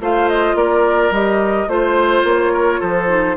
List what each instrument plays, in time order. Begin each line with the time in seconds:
0.00 bassoon A3, clarinet F4, oboe C5, flute F5
0.29 flute D#5
0.55 bassoon A#3, oboe A#4, flute D5
1.10 bassoon G3, clarinet G4, flute D#5
1.67 bassoon A3, clarinet F4, flute C5, oboe C5
2.24 bassoon A#3, flute C#5
2.53 oboe A#4
2.80 bassoon F3, oboe A4, flute C5
3.07 clarinet D#4